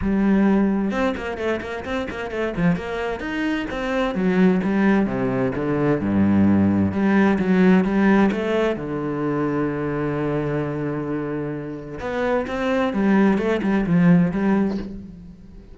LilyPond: \new Staff \with { instrumentName = "cello" } { \time 4/4 \tempo 4 = 130 g2 c'8 ais8 a8 ais8 | c'8 ais8 a8 f8 ais4 dis'4 | c'4 fis4 g4 c4 | d4 g,2 g4 |
fis4 g4 a4 d4~ | d1~ | d2 b4 c'4 | g4 a8 g8 f4 g4 | }